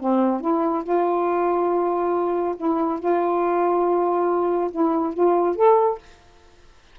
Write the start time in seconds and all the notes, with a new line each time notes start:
0.00 C4
0.41 E4
0.84 F4
2.57 E4
2.99 F4
4.71 E4
5.14 F4
5.56 A4